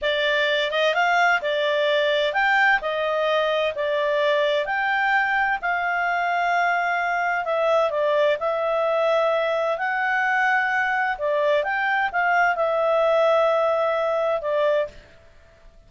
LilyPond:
\new Staff \with { instrumentName = "clarinet" } { \time 4/4 \tempo 4 = 129 d''4. dis''8 f''4 d''4~ | d''4 g''4 dis''2 | d''2 g''2 | f''1 |
e''4 d''4 e''2~ | e''4 fis''2. | d''4 g''4 f''4 e''4~ | e''2. d''4 | }